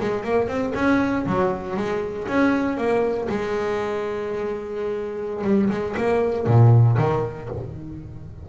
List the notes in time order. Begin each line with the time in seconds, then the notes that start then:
0.00 G#3
0.23 A#3
0.47 C4
0.75 C#4
1.26 F#3
1.76 G#3
2.27 C#4
2.77 A#3
3.29 G#3
5.44 G3
5.69 G#3
5.97 A#3
6.46 A#2
6.98 D#3